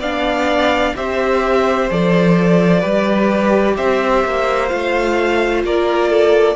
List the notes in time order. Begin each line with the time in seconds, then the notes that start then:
0.00 B3 D4 D5 F5
0.97 C4 G4 C5 E5
1.91 F3 A4 D5
2.80 G3 G4 B4
3.77 C4 C5 E5
4.25 A#3
4.69 A3 F4 F5
5.64 A#3 A#4 D5
6.10 A4